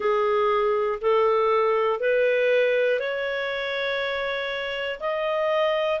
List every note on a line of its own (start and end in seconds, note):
0.00 0.99 G#4
1.00 2.00 A4
2.00 3.00 B4
3.00 5.00 C#5
5.00 6.00 D#5